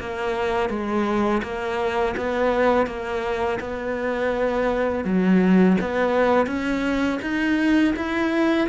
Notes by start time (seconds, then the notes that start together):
0.00 A#3
0.70 G#3
1.43 A#3
2.17 B3
2.87 A#3
3.60 B3
5.05 F#3
5.81 B3
6.47 C#4
7.22 D#4
7.96 E4